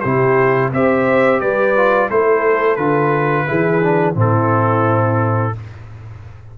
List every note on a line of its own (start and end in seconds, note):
0.00 0.73 C3
0.00 0.73 E4
0.00 0.71 G4
0.00 0.69 C5
0.73 1.41 C4
0.73 1.76 G4
0.73 1.41 C5
0.73 1.40 E5
1.40 2.10 G3
1.40 2.10 B4
1.40 2.09 D5
1.76 2.10 F4
2.10 2.77 A3
2.10 2.78 E4
2.10 3.47 A4
2.10 2.76 C5
2.76 3.46 D3
2.76 3.47 F4
2.76 4.14 B4
3.47 4.16 E3
3.47 3.81 E4
3.47 4.16 G#4
3.83 4.15 D4
4.15 5.53 A2
4.15 5.53 C4
4.15 5.54 E4
4.15 5.58 A4